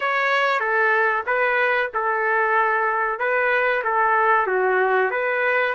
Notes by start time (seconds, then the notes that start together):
0.00 C#5
0.60 A4
1.26 B4
1.94 A4
3.19 B4
3.84 A4
4.47 F#4
5.11 B4